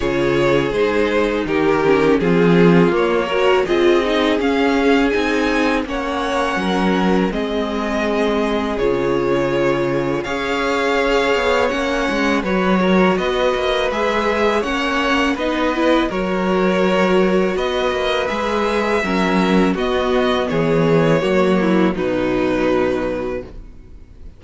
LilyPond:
<<
  \new Staff \with { instrumentName = "violin" } { \time 4/4 \tempo 4 = 82 cis''4 c''4 ais'4 gis'4 | cis''4 dis''4 f''4 gis''4 | fis''2 dis''2 | cis''2 f''2 |
fis''4 cis''4 dis''4 e''4 | fis''4 dis''4 cis''2 | dis''4 e''2 dis''4 | cis''2 b'2 | }
  \new Staff \with { instrumentName = "violin" } { \time 4/4 gis'2 g'4 f'4~ | f'8 ais'8 gis'2. | cis''4 ais'4 gis'2~ | gis'2 cis''2~ |
cis''4 b'8 ais'8 b'2 | cis''4 b'4 ais'2 | b'2 ais'4 fis'4 | gis'4 fis'8 e'8 dis'2 | }
  \new Staff \with { instrumentName = "viola" } { \time 4/4 f'4 dis'4. cis'8 c'4 | ais8 fis'8 f'8 dis'8 cis'4 dis'4 | cis'2 c'2 | f'2 gis'2 |
cis'4 fis'2 gis'4 | cis'4 dis'8 e'8 fis'2~ | fis'4 gis'4 cis'4 b4~ | b4 ais4 fis2 | }
  \new Staff \with { instrumentName = "cello" } { \time 4/4 cis4 gis4 dis4 f4 | ais4 c'4 cis'4 c'4 | ais4 fis4 gis2 | cis2 cis'4. b8 |
ais8 gis8 fis4 b8 ais8 gis4 | ais4 b4 fis2 | b8 ais8 gis4 fis4 b4 | e4 fis4 b,2 | }
>>